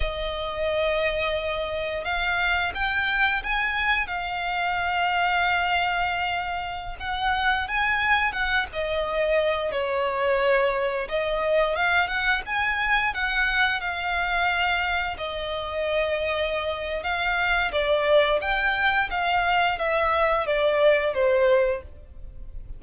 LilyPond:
\new Staff \with { instrumentName = "violin" } { \time 4/4 \tempo 4 = 88 dis''2. f''4 | g''4 gis''4 f''2~ | f''2~ f''16 fis''4 gis''8.~ | gis''16 fis''8 dis''4. cis''4.~ cis''16~ |
cis''16 dis''4 f''8 fis''8 gis''4 fis''8.~ | fis''16 f''2 dis''4.~ dis''16~ | dis''4 f''4 d''4 g''4 | f''4 e''4 d''4 c''4 | }